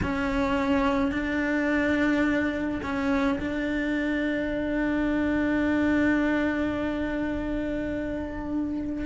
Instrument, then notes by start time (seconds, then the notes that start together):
cello
0.02 C#4
1.11 D4
2.83 C#4
3.40 D4